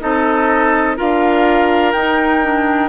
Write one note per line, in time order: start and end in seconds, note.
0.00 0.99 C4
0.00 0.96 D#4
0.00 0.96 A4
0.00 0.97 D#5
0.96 1.94 D4
0.96 1.93 F4
0.96 2.89 A#4
0.96 1.92 F5
1.92 2.89 D#4
1.92 2.89 G5
1.98 2.43 D#4
2.43 2.89 D4